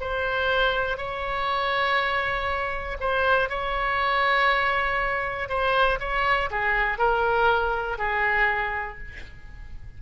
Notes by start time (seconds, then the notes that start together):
0.00 C5
0.97 C#5
3.00 C5
3.49 C#5
5.49 C5
6.00 C#5
6.50 G#4
6.98 A#4
7.98 G#4